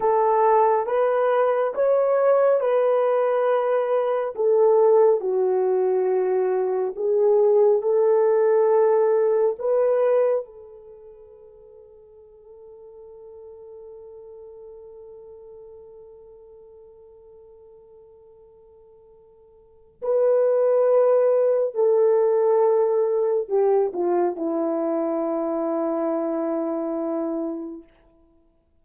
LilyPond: \new Staff \with { instrumentName = "horn" } { \time 4/4 \tempo 4 = 69 a'4 b'4 cis''4 b'4~ | b'4 a'4 fis'2 | gis'4 a'2 b'4 | a'1~ |
a'1~ | a'2. b'4~ | b'4 a'2 g'8 f'8 | e'1 | }